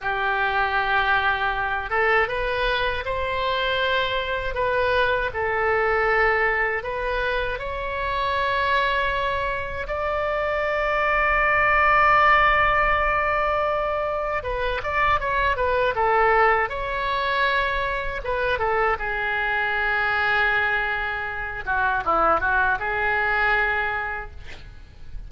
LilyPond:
\new Staff \with { instrumentName = "oboe" } { \time 4/4 \tempo 4 = 79 g'2~ g'8 a'8 b'4 | c''2 b'4 a'4~ | a'4 b'4 cis''2~ | cis''4 d''2.~ |
d''2. b'8 d''8 | cis''8 b'8 a'4 cis''2 | b'8 a'8 gis'2.~ | gis'8 fis'8 e'8 fis'8 gis'2 | }